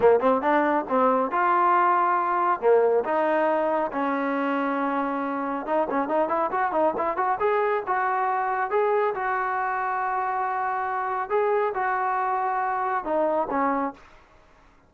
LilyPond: \new Staff \with { instrumentName = "trombone" } { \time 4/4 \tempo 4 = 138 ais8 c'8 d'4 c'4 f'4~ | f'2 ais4 dis'4~ | dis'4 cis'2.~ | cis'4 dis'8 cis'8 dis'8 e'8 fis'8 dis'8 |
e'8 fis'8 gis'4 fis'2 | gis'4 fis'2.~ | fis'2 gis'4 fis'4~ | fis'2 dis'4 cis'4 | }